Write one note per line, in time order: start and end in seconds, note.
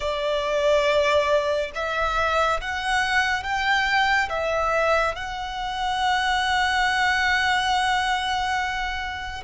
0.00 1.71 D5
1.74 2.60 E5
2.60 3.43 F#5
3.43 4.29 G5
4.29 5.15 E5
5.15 9.43 F#5